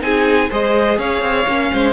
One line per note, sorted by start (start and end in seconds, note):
0.00 0.49 C4
0.00 0.48 D#4
0.00 0.50 G#4
0.00 0.50 G#5
0.50 0.98 G#3
0.50 1.48 G#4
0.50 0.98 C5
0.50 0.99 D#5
0.98 1.21 C#4
0.98 1.71 C#5
0.98 1.93 F5
1.21 1.46 C4
1.47 1.71 A#3
1.47 1.93 C#4
1.72 1.93 G#3
1.72 1.93 C5